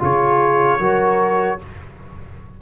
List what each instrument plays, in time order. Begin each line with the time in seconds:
0.00 tuba C#3, trombone F4, horn G#4, trumpet C#5
0.80 tuba F#3, trombone F#4, horn A#4